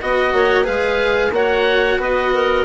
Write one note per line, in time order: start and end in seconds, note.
0.00 0.32 B3
0.00 0.64 F#4
0.00 0.33 D#5
0.00 0.65 D#5
0.32 0.66 A#3
0.32 0.63 C#5
0.63 1.31 G#3
0.63 1.31 G#4
0.63 1.30 B4
0.63 1.32 F5
1.31 1.97 A#3
1.31 2.64 F#4
1.31 1.99 C#5
1.31 2.01 F#5
1.97 2.64 B3
1.97 2.32 B4
1.97 2.64 D#5
2.34 2.64 A#4